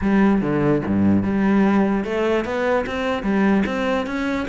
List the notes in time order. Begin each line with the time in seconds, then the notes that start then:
0.01 G3
0.41 D3
0.86 G2
1.23 G3
2.04 A3
2.44 B3
2.86 C4
3.22 G3
3.66 C4
4.06 C#4